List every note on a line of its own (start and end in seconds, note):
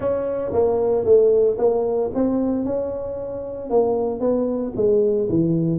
0.00 0.52 C#4
0.53 1.04 A#3
1.04 1.57 A3
1.58 2.10 A#3
2.14 2.64 C4
2.64 3.70 C#4
3.70 4.20 A#3
4.20 4.72 B3
4.75 5.28 G#3
5.29 5.79 E3